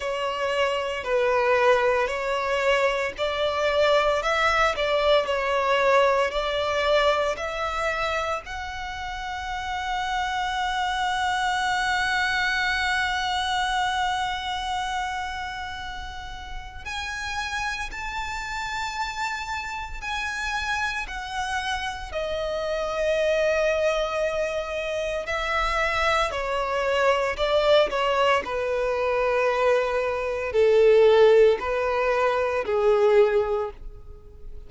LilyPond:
\new Staff \with { instrumentName = "violin" } { \time 4/4 \tempo 4 = 57 cis''4 b'4 cis''4 d''4 | e''8 d''8 cis''4 d''4 e''4 | fis''1~ | fis''1 |
gis''4 a''2 gis''4 | fis''4 dis''2. | e''4 cis''4 d''8 cis''8 b'4~ | b'4 a'4 b'4 gis'4 | }